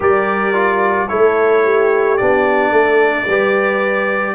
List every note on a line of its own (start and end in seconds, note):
0.00 1.09 G3
0.00 0.53 G4
0.00 1.08 A#4
0.00 1.08 D5
0.53 1.08 F4
1.08 2.20 A3
1.08 2.17 E4
1.08 1.64 A4
1.08 2.17 C#5
1.64 2.71 G4
2.17 2.71 B3
2.17 3.27 D4
2.17 4.35 D5
2.71 3.26 A3
2.71 3.26 A4
3.27 4.35 G3
3.27 4.35 G4
3.27 4.35 B4